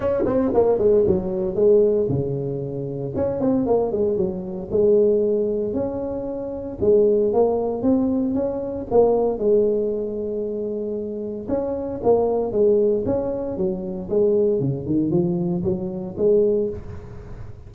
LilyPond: \new Staff \with { instrumentName = "tuba" } { \time 4/4 \tempo 4 = 115 cis'8 c'8 ais8 gis8 fis4 gis4 | cis2 cis'8 c'8 ais8 gis8 | fis4 gis2 cis'4~ | cis'4 gis4 ais4 c'4 |
cis'4 ais4 gis2~ | gis2 cis'4 ais4 | gis4 cis'4 fis4 gis4 | cis8 dis8 f4 fis4 gis4 | }